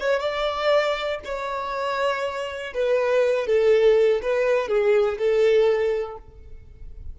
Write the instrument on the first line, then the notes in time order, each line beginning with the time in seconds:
violin
0.00 C#5
0.21 D5
1.25 C#5
2.74 B4
3.47 A4
4.23 B4
4.69 G#4
5.19 A4